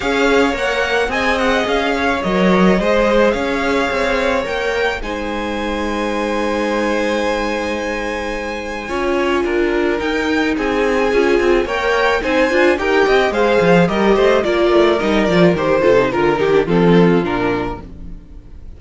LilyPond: <<
  \new Staff \with { instrumentName = "violin" } { \time 4/4 \tempo 4 = 108 f''4 fis''4 gis''8 fis''8 f''4 | dis''2 f''2 | g''4 gis''2.~ | gis''1~ |
gis''2 g''4 gis''4~ | gis''4 g''4 gis''4 g''4 | f''4 dis''4 d''4 dis''8 d''8 | c''4 ais'8 g'8 a'4 ais'4 | }
  \new Staff \with { instrumentName = "violin" } { \time 4/4 cis''2 dis''4. cis''8~ | cis''4 c''4 cis''2~ | cis''4 c''2.~ | c''1 |
cis''4 ais'2 gis'4~ | gis'4 cis''4 c''4 ais'8 dis''8 | c''4 ais'8 c''8 ais'2~ | ais'8 a'8 ais'4 f'2 | }
  \new Staff \with { instrumentName = "viola" } { \time 4/4 gis'4 ais'4 gis'2 | ais'4 gis'2. | ais'4 dis'2.~ | dis'1 |
f'2 dis'2 | f'4 ais'4 dis'8 f'8 g'4 | gis'4 g'4 f'4 dis'8 f'8 | g'8 f'16 dis'16 f'8 dis'16 d'16 c'4 d'4 | }
  \new Staff \with { instrumentName = "cello" } { \time 4/4 cis'4 ais4 c'4 cis'4 | fis4 gis4 cis'4 c'4 | ais4 gis2.~ | gis1 |
cis'4 d'4 dis'4 c'4 | cis'8 c'8 ais4 c'8 d'8 dis'8 c'8 | gis8 f8 g8 a8 ais8 a8 g8 f8 | dis8 c8 d8 dis8 f4 ais,4 | }
>>